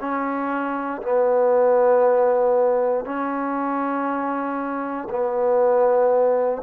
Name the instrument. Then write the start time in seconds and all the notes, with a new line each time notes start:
trombone
0.00 C#4
1.02 B3
3.05 C#4
5.09 B3